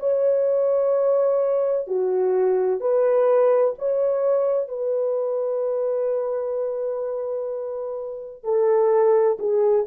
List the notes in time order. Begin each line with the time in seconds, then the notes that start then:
0.00 C#5
1.87 F#4
2.80 B4
3.78 C#5
4.69 B4
8.44 A4
9.39 G#4